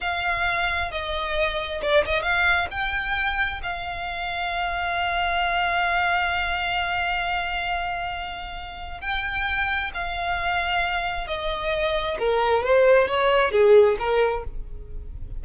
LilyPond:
\new Staff \with { instrumentName = "violin" } { \time 4/4 \tempo 4 = 133 f''2 dis''2 | d''8 dis''8 f''4 g''2 | f''1~ | f''1~ |
f''1 | g''2 f''2~ | f''4 dis''2 ais'4 | c''4 cis''4 gis'4 ais'4 | }